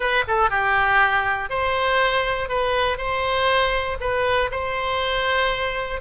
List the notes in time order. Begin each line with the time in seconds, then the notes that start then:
0.00 B4
0.27 A4
0.50 G4
1.49 C5
2.48 B4
2.97 C5
4.00 B4
4.51 C5